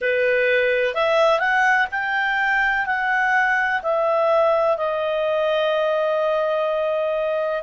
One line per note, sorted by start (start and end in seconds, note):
0.01 0.94 B4
0.94 1.39 E5
1.39 1.87 F#5
1.90 2.86 G5
2.86 3.81 F#5
3.82 4.77 E5
4.77 7.62 D#5